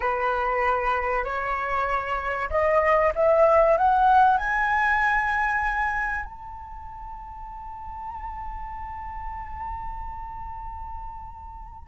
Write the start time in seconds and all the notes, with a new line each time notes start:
0.00 B4
1.24 C#5
2.50 D#5
3.15 E5
3.77 F#5
4.38 G#5
6.25 A5